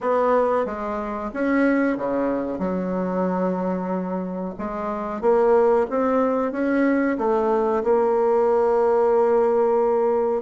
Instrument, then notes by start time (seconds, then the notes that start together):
bassoon
0.00 B3
0.65 G#3
1.33 C#4
1.97 C#3
2.58 F#3
4.58 G#3
5.21 A#3
5.90 C4
6.52 C#4
7.17 A3
7.83 A#3